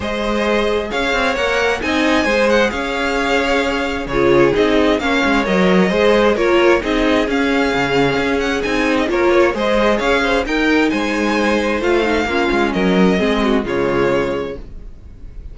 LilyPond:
<<
  \new Staff \with { instrumentName = "violin" } { \time 4/4 \tempo 4 = 132 dis''2 f''4 fis''4 | gis''4. fis''8 f''2~ | f''4 cis''4 dis''4 f''4 | dis''2 cis''4 dis''4 |
f''2~ f''8 fis''8 gis''8. dis''16 | cis''4 dis''4 f''4 g''4 | gis''2 f''2 | dis''2 cis''2 | }
  \new Staff \with { instrumentName = "violin" } { \time 4/4 c''2 cis''2 | dis''4 c''4 cis''2~ | cis''4 gis'2 cis''4~ | cis''4 c''4 ais'4 gis'4~ |
gis'1 | ais'8 cis''8 c''4 cis''8 c''8 ais'4 | c''2. f'4 | ais'4 gis'8 fis'8 f'2 | }
  \new Staff \with { instrumentName = "viola" } { \time 4/4 gis'2. ais'4 | dis'4 gis'2.~ | gis'4 f'4 dis'4 cis'4 | ais'4 gis'4 f'4 dis'4 |
cis'2. dis'4 | f'4 gis'2 dis'4~ | dis'2 f'8 dis'8 cis'4~ | cis'4 c'4 gis2 | }
  \new Staff \with { instrumentName = "cello" } { \time 4/4 gis2 cis'8 c'8 ais4 | c'4 gis4 cis'2~ | cis'4 cis4 c'4 ais8 gis8 | fis4 gis4 ais4 c'4 |
cis'4 cis4 cis'4 c'4 | ais4 gis4 cis'4 dis'4 | gis2 a4 ais8 gis8 | fis4 gis4 cis2 | }
>>